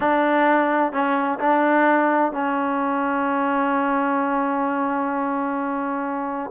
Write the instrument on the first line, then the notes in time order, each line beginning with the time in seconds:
trombone
0.00 D4
0.92 C#4
1.39 D4
2.32 C#4